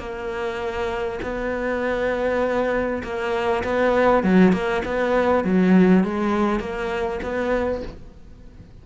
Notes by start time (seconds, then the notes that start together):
0.00 A#3
1.23 B3
3.04 A#3
3.64 B3
4.24 F#3
4.53 A#3
4.85 B3
5.45 F#3
6.04 G#3
6.60 A#3
7.23 B3